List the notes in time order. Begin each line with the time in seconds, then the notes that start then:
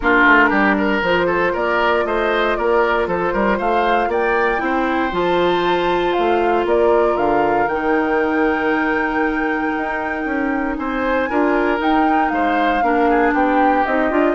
0.00 A#3 D4 F4 A#4
0.25 A3
0.49 G3 G4
0.77 A#4
1.02 F3 F4 C5
1.26 A4
1.53 A#3 A#4 D5
2.05 A3 C5 D#5
2.56 A#3 A#4 D5
3.07 F3 A4 C5
3.33 G3 A#4
3.57 A3 C5 F5
4.07 A#3 D5 G5
4.58 C4 E4
4.64 C5
5.12 F3 F4 A5
6.13 A3 F5
6.65 A#3 A#4 D5
7.16 D3 F5
7.66 D#3 D#4 G5
9.77 D#4
10.25 C#4
10.76 C4 C5 G#5
11.29 D4 F4 A#4
11.78 D#4 G5
12.29 G#3 C5 F5
12.81 A#3 D4 A#4
13.09 G#4
13.33 B3 G4 G5
13.85 C4 D#4 D#5
14.10 D4 F4